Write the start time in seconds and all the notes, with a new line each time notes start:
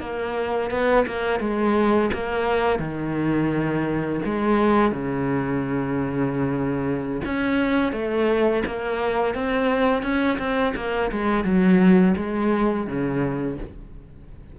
0.00 A#3
0.71 B3
1.07 A#3
1.40 G#3
2.13 A#3
2.79 D#3
4.25 G#3
4.92 C#3
7.25 C#4
7.92 A3
8.66 A#3
9.35 C4
10.03 C#4
10.39 C4
10.76 A#3
11.11 G#3
11.44 F#3
12.16 G#3
12.87 C#3